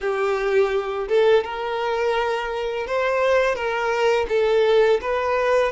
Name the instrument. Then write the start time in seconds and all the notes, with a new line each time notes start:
violin
0.00 G4
1.08 A4
1.44 A#4
2.86 C5
3.55 A#4
4.29 A4
5.01 B4